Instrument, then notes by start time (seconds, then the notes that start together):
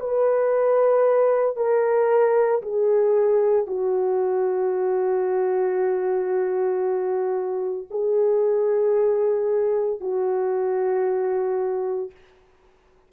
horn
0.00 B4
1.56 A#4
2.62 G#4
3.67 F#4
7.90 G#4
10.00 F#4